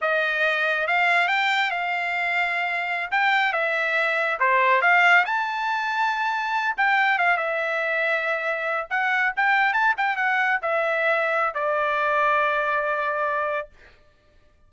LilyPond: \new Staff \with { instrumentName = "trumpet" } { \time 4/4 \tempo 4 = 140 dis''2 f''4 g''4 | f''2.~ f''16 g''8.~ | g''16 e''2 c''4 f''8.~ | f''16 a''2.~ a''8 g''16~ |
g''8. f''8 e''2~ e''8.~ | e''8. fis''4 g''4 a''8 g''8 fis''16~ | fis''8. e''2~ e''16 d''4~ | d''1 | }